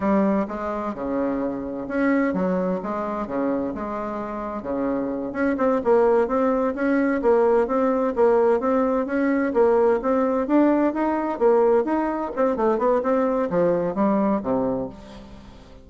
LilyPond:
\new Staff \with { instrumentName = "bassoon" } { \time 4/4 \tempo 4 = 129 g4 gis4 cis2 | cis'4 fis4 gis4 cis4 | gis2 cis4. cis'8 | c'8 ais4 c'4 cis'4 ais8~ |
ais8 c'4 ais4 c'4 cis'8~ | cis'8 ais4 c'4 d'4 dis'8~ | dis'8 ais4 dis'4 c'8 a8 b8 | c'4 f4 g4 c4 | }